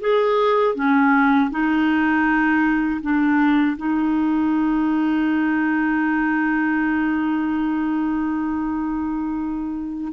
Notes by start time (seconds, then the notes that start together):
0.00 G#4
0.75 C#4
1.51 D#4
3.01 D4
3.77 D#4